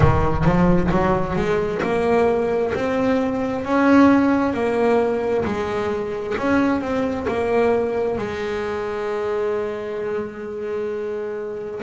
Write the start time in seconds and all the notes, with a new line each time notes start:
0.00 D#3
0.44 F3
0.91 F#3
1.36 G#3
1.82 A#3
2.74 C4
3.64 C#4
4.53 A#3
5.45 G#3
6.37 C#4
6.81 C4
7.27 A#3
8.18 G#3